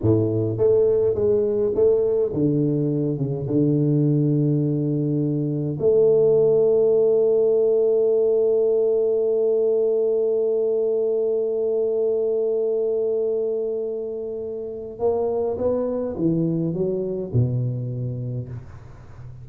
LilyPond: \new Staff \with { instrumentName = "tuba" } { \time 4/4 \tempo 4 = 104 a,4 a4 gis4 a4 | d4. cis8 d2~ | d2 a2~ | a1~ |
a1~ | a1~ | a2 ais4 b4 | e4 fis4 b,2 | }